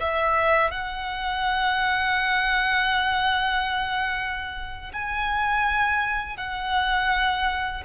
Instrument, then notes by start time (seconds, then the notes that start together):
violin
0.00 E5
0.71 F#5
4.93 G#5
6.37 F#5